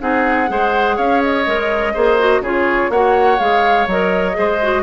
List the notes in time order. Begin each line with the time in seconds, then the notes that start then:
0.00 C4 D#4 G#4 F#5
0.48 G#3 G#4 C5
0.97 C#4 C#5 F5
1.22 D#5
1.47 G#3 A#4
1.93 A#3 G#4 C5
2.19 F#4
2.41 C#3 F4 G#4 C#5
2.89 A#3 F#4 C#5 F#5
3.38 G#3 G#4 F5
3.87 F#3 A#4 D#5
4.33 G#3 G#4 C5
4.62 F#4